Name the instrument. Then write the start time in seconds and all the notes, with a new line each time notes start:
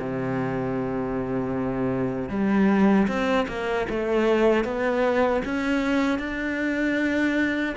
cello
0.00 C3
2.30 G3
3.08 C4
3.48 A#3
3.90 A3
4.65 B3
5.45 C#4
6.19 D4